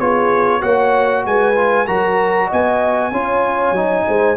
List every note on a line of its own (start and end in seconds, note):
0.00 0.62 B3
0.00 0.61 F4
0.00 0.61 G#4
0.00 0.62 C#5
0.61 1.26 A#3
0.61 1.55 F#4
0.61 1.23 C#5
0.61 1.25 F#5
1.26 1.88 G#3
1.26 1.88 B4
1.26 1.87 G#5
1.55 1.86 F4
1.87 2.51 F#3
1.87 3.12 F#4
1.87 2.47 A#4
1.87 2.50 A#5
2.47 3.12 B3
2.47 3.10 D#5
2.47 4.37 G#5
3.12 3.72 C#4
3.12 3.75 F4
3.12 4.06 C#5
3.72 4.03 F#3
3.72 4.37 D#4
4.07 4.37 G#3
4.07 4.37 C5